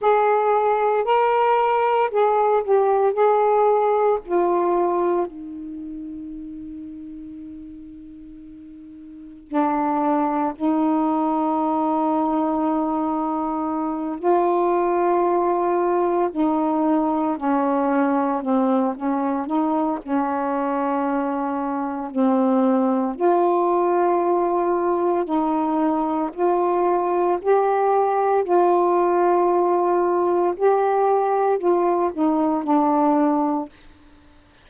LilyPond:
\new Staff \with { instrumentName = "saxophone" } { \time 4/4 \tempo 4 = 57 gis'4 ais'4 gis'8 g'8 gis'4 | f'4 dis'2.~ | dis'4 d'4 dis'2~ | dis'4. f'2 dis'8~ |
dis'8 cis'4 c'8 cis'8 dis'8 cis'4~ | cis'4 c'4 f'2 | dis'4 f'4 g'4 f'4~ | f'4 g'4 f'8 dis'8 d'4 | }